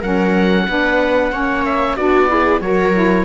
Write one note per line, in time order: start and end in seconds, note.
0.00 0.68 F#3
0.00 0.68 C#4
0.00 0.65 A#4
0.00 1.65 F#5
0.68 1.32 B3
0.68 1.32 D4
0.68 1.33 B4
1.32 1.97 A#3
1.32 1.98 C#4
1.32 1.96 C#5
1.65 1.97 E5
1.96 2.61 B3
1.96 2.28 D4
1.96 2.29 F#4
1.96 2.61 D5
2.28 2.61 E4
2.28 2.62 G#4
2.61 3.25 F#3
2.61 2.94 F#4
2.61 3.25 A#4
2.61 3.25 C#5
2.94 3.25 E4